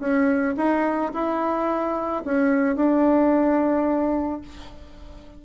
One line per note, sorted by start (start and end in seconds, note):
0.00 0.55 C#4
0.57 1.12 D#4
1.14 2.24 E4
2.25 2.76 C#4
2.76 4.41 D4